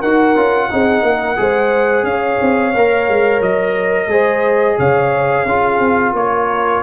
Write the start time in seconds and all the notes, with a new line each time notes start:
0.00 D#4 F#4 A#4 F#5
0.35 C#4 F4
0.71 C4 D#4 G#4
1.02 A#3 A#4
1.36 G#3 G#4 C5
2.03 C#4 C#5 F5
2.41 C4
2.75 A#3 A#4
3.08 G#3
3.41 F#3 D#5
4.07 G#3 G#4 C5
4.78 C#3 C#5 F5
5.45 C#4 F4 G#4
5.79 C4
6.13 A#3 A#4 C#5